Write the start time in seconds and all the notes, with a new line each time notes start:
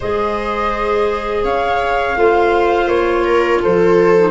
0.00 G#3 G#4 C5 D#5
1.43 C#4 C#5 F5
2.15 A3 F4 C5
2.86 A#3 C#5
3.24 A#4
3.61 F3 A4 C5
4.17 D#4